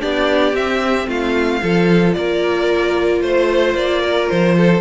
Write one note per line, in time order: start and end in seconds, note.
0.00 0.53 B3
0.00 0.54 D4
0.00 1.08 G4
0.00 0.55 D5
0.53 1.06 C4
0.53 1.61 C4
0.53 1.08 E5
1.07 1.61 A3
1.07 1.61 F4
1.07 2.13 F5
1.61 2.16 F3
1.61 4.80 F4
1.61 2.16 A4
2.13 3.21 A#3
2.13 3.21 A#4
2.13 3.20 D5
3.21 3.74 A3
3.21 4.02 C5
3.21 3.76 C5
3.74 4.28 A#3
3.74 4.29 D5
4.02 4.56 A#4
4.29 4.80 F3
4.29 4.80 C5
4.57 4.80 A4